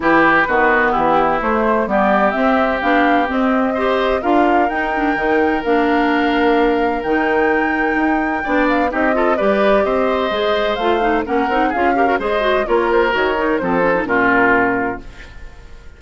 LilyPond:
<<
  \new Staff \with { instrumentName = "flute" } { \time 4/4 \tempo 4 = 128 b'2 g'4 c''4 | d''4 e''4 f''4 dis''4~ | dis''4 f''4 g''2 | f''2. g''4~ |
g''2~ g''8 f''8 dis''4 | d''4 dis''2 f''4 | fis''4 f''4 dis''4 cis''8 c''8 | cis''4 c''4 ais'2 | }
  \new Staff \with { instrumentName = "oboe" } { \time 4/4 g'4 fis'4 e'2 | g'1 | c''4 ais'2.~ | ais'1~ |
ais'2 d''4 g'8 a'8 | b'4 c''2. | ais'4 gis'8 ais'8 c''4 ais'4~ | ais'4 a'4 f'2 | }
  \new Staff \with { instrumentName = "clarinet" } { \time 4/4 e'4 b2 a4 | b4 c'4 d'4 c'4 | g'4 f'4 dis'8 d'8 dis'4 | d'2. dis'4~ |
dis'2 d'4 dis'8 f'8 | g'2 gis'4 f'8 dis'8 | cis'8 dis'8 f'8 g'16 fis'16 gis'8 fis'8 f'4 | fis'8 dis'8 c'8 cis'16 dis'16 cis'2 | }
  \new Staff \with { instrumentName = "bassoon" } { \time 4/4 e4 dis4 e4 a4 | g4 c'4 b4 c'4~ | c'4 d'4 dis'4 dis4 | ais2. dis4~ |
dis4 dis'4 b4 c'4 | g4 c'4 gis4 a4 | ais8 c'8 cis'4 gis4 ais4 | dis4 f4 ais,2 | }
>>